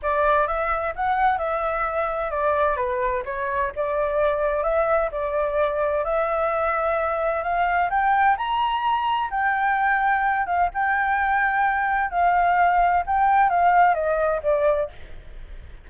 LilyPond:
\new Staff \with { instrumentName = "flute" } { \time 4/4 \tempo 4 = 129 d''4 e''4 fis''4 e''4~ | e''4 d''4 b'4 cis''4 | d''2 e''4 d''4~ | d''4 e''2. |
f''4 g''4 ais''2 | g''2~ g''8 f''8 g''4~ | g''2 f''2 | g''4 f''4 dis''4 d''4 | }